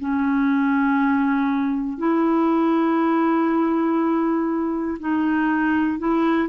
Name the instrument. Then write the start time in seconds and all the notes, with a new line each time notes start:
clarinet
0.00 C#4
1.98 E4
5.00 D#4
5.99 E4